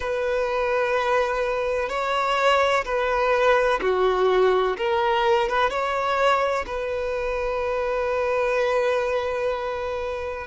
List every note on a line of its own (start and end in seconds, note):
0.00 1.89 B4
1.89 2.84 C#5
2.84 3.80 B4
3.81 4.77 F#4
4.77 5.48 A#4
5.48 5.69 B4
5.69 6.65 C#5
6.66 10.47 B4